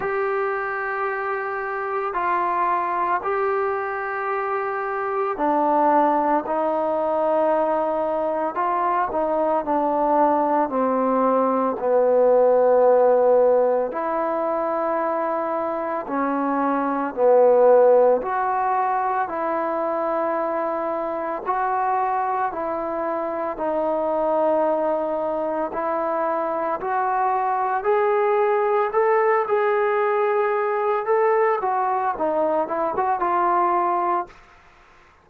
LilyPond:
\new Staff \with { instrumentName = "trombone" } { \time 4/4 \tempo 4 = 56 g'2 f'4 g'4~ | g'4 d'4 dis'2 | f'8 dis'8 d'4 c'4 b4~ | b4 e'2 cis'4 |
b4 fis'4 e'2 | fis'4 e'4 dis'2 | e'4 fis'4 gis'4 a'8 gis'8~ | gis'4 a'8 fis'8 dis'8 e'16 fis'16 f'4 | }